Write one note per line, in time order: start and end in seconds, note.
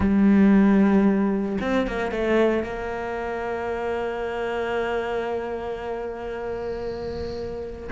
0.00 1.57 G3
1.60 1.87 C4
1.87 2.11 A#3
2.11 2.63 A3
2.63 7.89 A#3